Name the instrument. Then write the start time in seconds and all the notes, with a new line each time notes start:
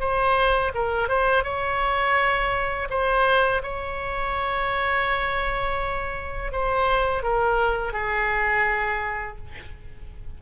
oboe
0.00 C5
0.75 A#4
1.08 C5
1.44 C#5
2.90 C5
3.63 C#5
6.52 C5
7.23 A#4
7.93 G#4